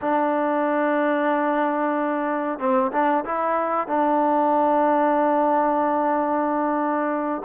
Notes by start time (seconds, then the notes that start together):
0.01 D4
2.59 C4
2.92 D4
3.25 E4
3.87 D4